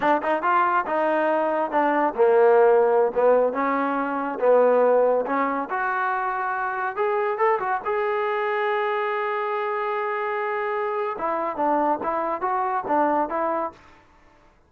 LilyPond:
\new Staff \with { instrumentName = "trombone" } { \time 4/4 \tempo 4 = 140 d'8 dis'8 f'4 dis'2 | d'4 ais2~ ais16 b8.~ | b16 cis'2 b4.~ b16~ | b16 cis'4 fis'2~ fis'8.~ |
fis'16 gis'4 a'8 fis'8 gis'4.~ gis'16~ | gis'1~ | gis'2 e'4 d'4 | e'4 fis'4 d'4 e'4 | }